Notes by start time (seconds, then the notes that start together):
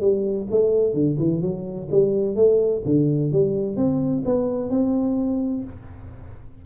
0.00 G3
0.50 A3
0.93 D3
1.19 E3
1.41 F#3
1.91 G3
2.35 A3
2.85 D3
3.32 G3
3.76 C4
4.25 B3
4.69 C4